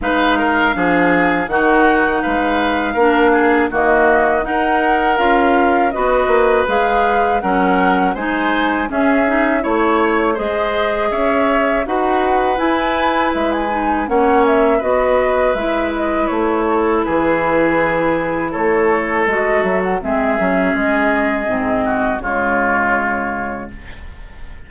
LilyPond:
<<
  \new Staff \with { instrumentName = "flute" } { \time 4/4 \tempo 4 = 81 f''2 fis''4 f''4~ | f''4 dis''4 fis''4 f''4 | dis''4 f''4 fis''4 gis''4 | e''4 cis''4 dis''4 e''4 |
fis''4 gis''4 e''16 gis''8. fis''8 e''8 | dis''4 e''8 dis''8 cis''4 b'4~ | b'4 cis''4 dis''8 e''16 fis''16 e''4 | dis''2 cis''2 | }
  \new Staff \with { instrumentName = "oboe" } { \time 4/4 b'8 ais'8 gis'4 fis'4 b'4 | ais'8 gis'8 fis'4 ais'2 | b'2 ais'4 c''4 | gis'4 cis''4 c''4 cis''4 |
b'2. cis''4 | b'2~ b'8 a'8 gis'4~ | gis'4 a'2 gis'4~ | gis'4. fis'8 f'2 | }
  \new Staff \with { instrumentName = "clarinet" } { \time 4/4 dis'4 d'4 dis'2 | d'4 ais4 dis'4 f'4 | fis'4 gis'4 cis'4 dis'4 | cis'8 dis'8 e'4 gis'2 |
fis'4 e'4. dis'8 cis'4 | fis'4 e'2.~ | e'2 fis'4 c'8 cis'8~ | cis'4 c'4 gis2 | }
  \new Staff \with { instrumentName = "bassoon" } { \time 4/4 gis4 f4 dis4 gis4 | ais4 dis4 dis'4 cis'4 | b8 ais8 gis4 fis4 gis4 | cis'4 a4 gis4 cis'4 |
dis'4 e'4 gis4 ais4 | b4 gis4 a4 e4~ | e4 a4 gis8 fis8 gis8 fis8 | gis4 gis,4 cis2 | }
>>